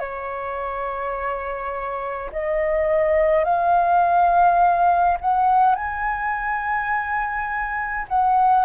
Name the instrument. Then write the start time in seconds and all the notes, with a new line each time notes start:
flute
0.00 C#5
2.32 D#5
3.45 F5
5.21 F#5
5.75 G#5
8.09 F#5